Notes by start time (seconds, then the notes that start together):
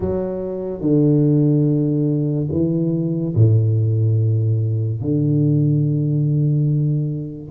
0.00 F#3
0.80 D3
2.51 E3
3.35 A2
5.01 D3